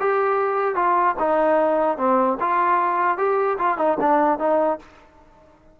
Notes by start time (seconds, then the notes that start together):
0.00 G4
0.75 F4
1.19 D#4
1.98 C4
2.40 F4
3.18 G4
3.58 F4
3.78 D#4
4.00 D4
4.39 D#4